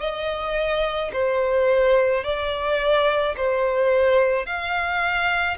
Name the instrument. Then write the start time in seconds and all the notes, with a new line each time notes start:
violin
0.00 D#5
1.13 C5
2.24 D5
3.37 C5
4.46 F5